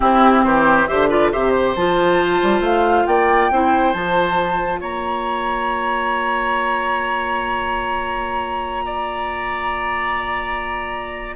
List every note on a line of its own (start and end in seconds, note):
0.00 0.86 C4
0.00 0.44 C4
0.00 0.44 E4
0.00 0.43 G4
0.44 0.87 E3
0.44 0.88 G4
0.44 0.87 C5
0.87 1.34 D3
0.87 1.09 G4
0.87 1.08 C5
0.87 1.09 E5
1.08 1.32 F4
1.08 1.30 B4
1.08 1.32 D5
1.31 1.75 C3
1.31 1.76 G4
1.31 3.07 C5
1.31 1.50 E5
1.50 1.72 C5
1.75 2.41 F3
1.75 3.52 F4
1.75 2.62 A5
2.42 2.60 G3
2.60 3.04 A3
2.60 3.06 F5
3.06 3.50 A#3
3.06 3.51 D5
3.06 3.93 G5
3.50 3.94 C4
3.50 3.94 E4
3.50 4.80 C5
3.93 4.80 F3
3.93 11.36 F4
3.93 4.80 A5
4.80 11.36 A#3
4.80 8.85 C#5
4.80 11.36 A#5
8.85 11.36 D5